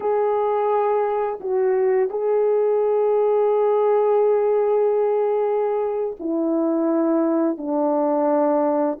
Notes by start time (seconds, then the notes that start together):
0.00 G#4
1.40 F#4
2.10 G#4
6.19 E4
7.57 D4